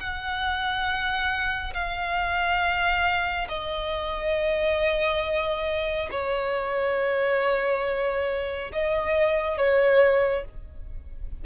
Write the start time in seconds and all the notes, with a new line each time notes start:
0.00 F#5
1.74 F5
3.49 D#5
6.11 C#5
8.72 D#5
9.58 C#5